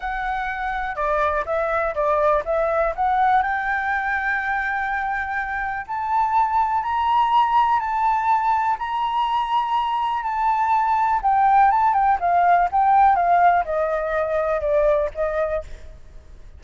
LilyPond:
\new Staff \with { instrumentName = "flute" } { \time 4/4 \tempo 4 = 123 fis''2 d''4 e''4 | d''4 e''4 fis''4 g''4~ | g''1 | a''2 ais''2 |
a''2 ais''2~ | ais''4 a''2 g''4 | a''8 g''8 f''4 g''4 f''4 | dis''2 d''4 dis''4 | }